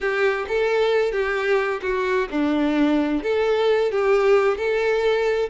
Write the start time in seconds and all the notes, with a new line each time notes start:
0.00 G4
0.47 A4
1.12 G4
1.82 F#4
2.30 D4
3.22 A4
3.91 G4
4.57 A4